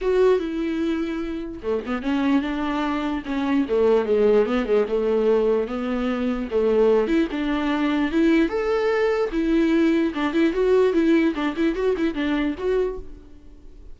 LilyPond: \new Staff \with { instrumentName = "viola" } { \time 4/4 \tempo 4 = 148 fis'4 e'2. | a8 b8 cis'4 d'2 | cis'4 a4 gis4 b8 gis8 | a2 b2 |
a4. e'8 d'2 | e'4 a'2 e'4~ | e'4 d'8 e'8 fis'4 e'4 | d'8 e'8 fis'8 e'8 d'4 fis'4 | }